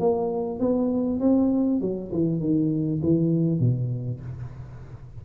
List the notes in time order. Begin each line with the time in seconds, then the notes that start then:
0.00 A#3
0.60 B3
1.21 C4
1.82 F#3
2.12 E3
2.40 D#3
3.03 E3
3.60 B2